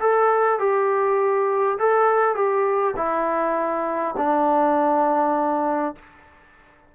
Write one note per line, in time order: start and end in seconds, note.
0.00 0.59 A4
0.59 1.78 G4
1.79 2.35 A4
2.35 2.94 G4
2.96 4.15 E4
4.17 5.95 D4